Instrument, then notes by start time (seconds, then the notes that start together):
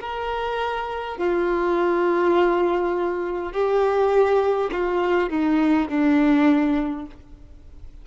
violin
0.00 A#4
1.18 F4
3.53 G4
4.72 F4
5.29 D#4
5.88 D4